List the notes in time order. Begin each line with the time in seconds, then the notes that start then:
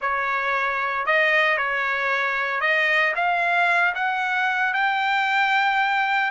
0.01 C#5
1.06 D#5
1.57 C#5
2.61 D#5
3.15 F5
3.94 F#5
4.73 G5